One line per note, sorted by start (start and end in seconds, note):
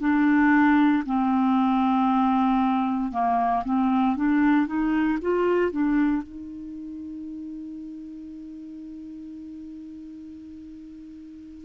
0.00 1.03 D4
1.06 3.12 C4
3.12 3.63 A#3
3.65 4.16 C4
4.16 4.66 D4
4.66 5.18 D#4
5.21 5.71 F4
5.71 6.23 D4
6.23 11.65 D#4